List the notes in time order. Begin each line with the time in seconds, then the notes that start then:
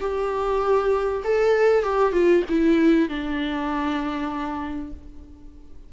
0.00 G4
1.24 A4
1.83 G4
2.12 F4
2.49 E4
3.09 D4